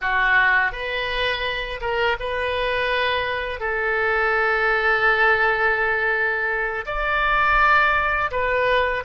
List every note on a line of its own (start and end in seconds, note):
0.01 0.72 F#4
0.72 1.80 B4
1.80 2.17 A#4
2.19 3.59 B4
3.59 6.85 A4
6.86 8.30 D5
8.31 9.03 B4